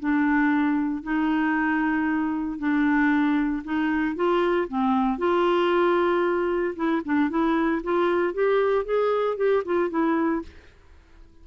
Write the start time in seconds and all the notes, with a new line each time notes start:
0.00 D4
1.03 D#4
2.58 D4
3.64 D#4
4.16 F4
4.69 C4
5.18 F4
6.76 E4
7.05 D4
7.30 E4
7.83 F4
8.34 G4
8.85 G#4
9.37 G4
9.65 F4
9.90 E4